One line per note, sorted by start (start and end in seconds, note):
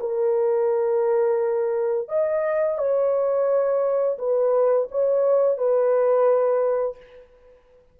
0.00 2.08 A#4
2.08 2.78 D#5
2.78 4.18 C#5
4.18 4.88 B4
4.91 5.58 C#5
5.58 6.97 B4